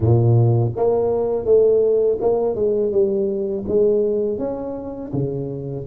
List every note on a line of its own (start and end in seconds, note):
0.00 0.71 A#2
0.76 1.45 A#3
1.45 2.18 A3
2.21 2.55 A#3
2.55 2.91 G#3
2.91 3.64 G3
3.68 4.38 G#3
4.38 5.11 C#4
5.13 5.86 C#3